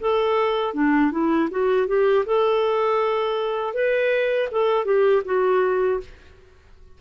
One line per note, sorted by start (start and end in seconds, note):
0.00 0.73 A4
0.73 1.11 D4
1.11 1.49 E4
1.50 1.87 F#4
1.87 2.25 G4
2.25 3.73 A4
3.73 4.48 B4
4.51 4.84 A4
4.84 5.22 G4
5.25 6.00 F#4